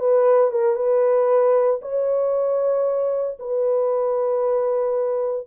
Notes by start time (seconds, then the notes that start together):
0.00 B4
0.51 A#4
0.76 B4
1.82 C#5
3.40 B4